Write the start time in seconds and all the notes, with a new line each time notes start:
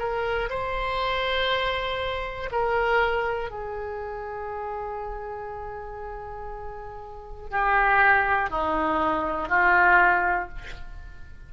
0.00 A#4
0.50 C5
2.52 A#4
3.51 G#4
7.51 G4
8.50 D#4
9.50 F4